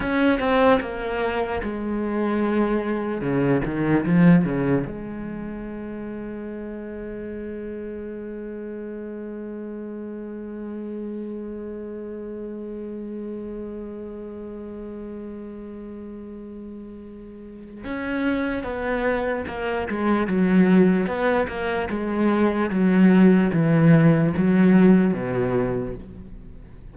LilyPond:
\new Staff \with { instrumentName = "cello" } { \time 4/4 \tempo 4 = 74 cis'8 c'8 ais4 gis2 | cis8 dis8 f8 cis8 gis2~ | gis1~ | gis1~ |
gis1~ | gis2 cis'4 b4 | ais8 gis8 fis4 b8 ais8 gis4 | fis4 e4 fis4 b,4 | }